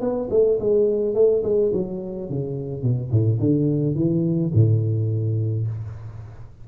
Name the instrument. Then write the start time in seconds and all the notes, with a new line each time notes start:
tuba
0.00 B3
0.30 A3
0.59 G#3
1.14 A3
1.43 G#3
1.73 F#3
2.29 C#3
2.82 B2
3.10 A2
3.39 D3
3.95 E3
4.53 A2